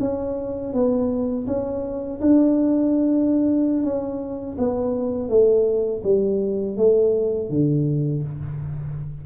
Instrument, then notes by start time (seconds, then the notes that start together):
tuba
0.00 C#4
0.73 B3
1.47 C#4
2.21 D4
3.83 C#4
4.58 B3
5.29 A3
6.03 G3
6.76 A3
7.50 D3